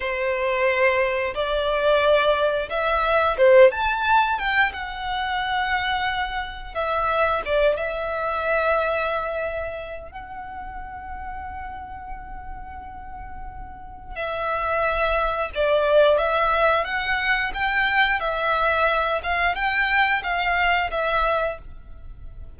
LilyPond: \new Staff \with { instrumentName = "violin" } { \time 4/4 \tempo 4 = 89 c''2 d''2 | e''4 c''8 a''4 g''8 fis''4~ | fis''2 e''4 d''8 e''8~ | e''2. fis''4~ |
fis''1~ | fis''4 e''2 d''4 | e''4 fis''4 g''4 e''4~ | e''8 f''8 g''4 f''4 e''4 | }